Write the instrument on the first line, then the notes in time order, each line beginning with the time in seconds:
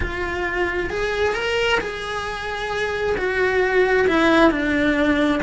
cello
0.00 F4
0.90 G#4
1.34 A#4
1.80 G#4
3.17 F#4
4.07 E4
4.51 D4